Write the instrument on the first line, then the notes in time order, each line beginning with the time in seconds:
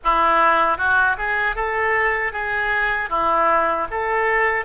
oboe
0.04 E4
0.77 F#4
1.17 G#4
1.55 A4
2.32 G#4
3.09 E4
3.90 A4